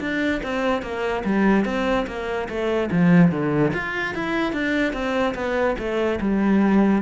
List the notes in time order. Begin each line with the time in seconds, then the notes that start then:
0.00 D4
0.43 C4
0.82 A#3
1.25 G3
1.65 C4
2.07 A#3
2.49 A3
2.92 F3
3.31 D3
3.74 F4
4.15 E4
4.53 D4
4.93 C4
5.35 B3
5.79 A3
6.21 G3